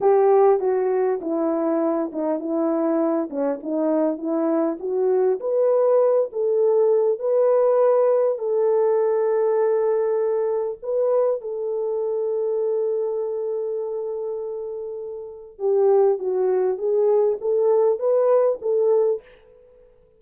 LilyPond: \new Staff \with { instrumentName = "horn" } { \time 4/4 \tempo 4 = 100 g'4 fis'4 e'4. dis'8 | e'4. cis'8 dis'4 e'4 | fis'4 b'4. a'4. | b'2 a'2~ |
a'2 b'4 a'4~ | a'1~ | a'2 g'4 fis'4 | gis'4 a'4 b'4 a'4 | }